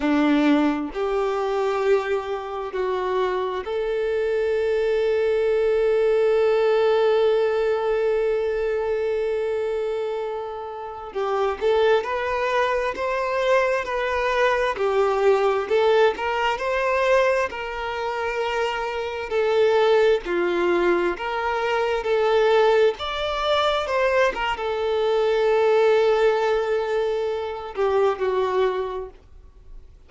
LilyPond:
\new Staff \with { instrumentName = "violin" } { \time 4/4 \tempo 4 = 66 d'4 g'2 fis'4 | a'1~ | a'1~ | a'16 g'8 a'8 b'4 c''4 b'8.~ |
b'16 g'4 a'8 ais'8 c''4 ais'8.~ | ais'4~ ais'16 a'4 f'4 ais'8.~ | ais'16 a'4 d''4 c''8 ais'16 a'4~ | a'2~ a'8 g'8 fis'4 | }